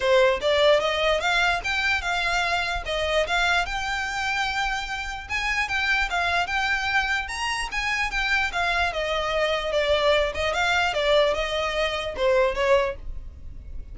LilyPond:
\new Staff \with { instrumentName = "violin" } { \time 4/4 \tempo 4 = 148 c''4 d''4 dis''4 f''4 | g''4 f''2 dis''4 | f''4 g''2.~ | g''4 gis''4 g''4 f''4 |
g''2 ais''4 gis''4 | g''4 f''4 dis''2 | d''4. dis''8 f''4 d''4 | dis''2 c''4 cis''4 | }